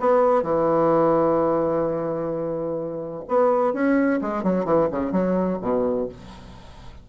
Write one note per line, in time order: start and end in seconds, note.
0.00 0.43 B3
0.43 3.24 E3
3.28 3.74 B3
3.74 4.20 C#4
4.21 4.43 G#3
4.43 4.65 F#3
4.65 4.88 E3
4.92 5.12 C#3
5.12 5.59 F#3
5.62 6.09 B2